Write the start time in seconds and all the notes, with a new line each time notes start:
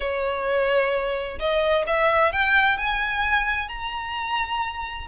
0.00 C#5
1.39 D#5
1.86 E5
2.32 G5
2.77 G#5
3.68 A#5